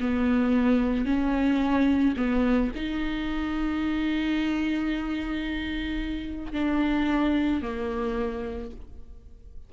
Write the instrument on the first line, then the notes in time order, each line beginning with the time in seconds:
viola
0.00 B3
1.05 C#4
2.17 B3
2.75 D#4
6.53 D4
7.62 A#3